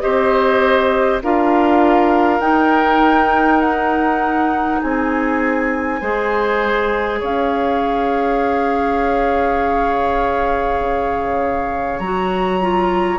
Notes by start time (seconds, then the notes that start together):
0.00 C4 G4 C5 D#5
1.23 D4 F4 A#4 F5
2.40 D#4 G5
3.61 F#5
4.81 C4 G#4 G#5
6.00 G#3 G#4 C5
7.20 C#4 C#5 F5
10.80 C#3
11.99 F#3 F#4 A#5
12.61 F4